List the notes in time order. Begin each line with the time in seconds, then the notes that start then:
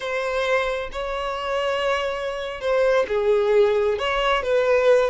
0.00 C5
0.92 C#5
2.60 C5
3.08 G#4
3.98 C#5
4.42 B4